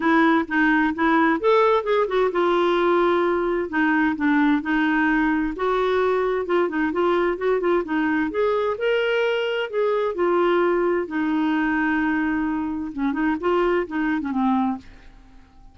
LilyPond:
\new Staff \with { instrumentName = "clarinet" } { \time 4/4 \tempo 4 = 130 e'4 dis'4 e'4 a'4 | gis'8 fis'8 f'2. | dis'4 d'4 dis'2 | fis'2 f'8 dis'8 f'4 |
fis'8 f'8 dis'4 gis'4 ais'4~ | ais'4 gis'4 f'2 | dis'1 | cis'8 dis'8 f'4 dis'8. cis'16 c'4 | }